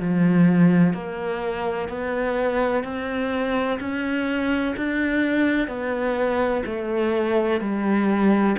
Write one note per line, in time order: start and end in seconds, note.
0.00 0.94 F3
0.94 1.89 A#3
1.89 2.84 B3
2.84 3.79 C4
3.80 4.75 C#4
4.77 5.68 D4
5.68 6.63 B3
6.66 7.61 A3
7.61 8.56 G3